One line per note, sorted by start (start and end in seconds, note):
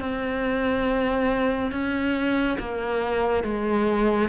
0.00 1.71 C4
1.71 2.57 C#4
2.59 3.44 A#3
3.44 4.29 G#3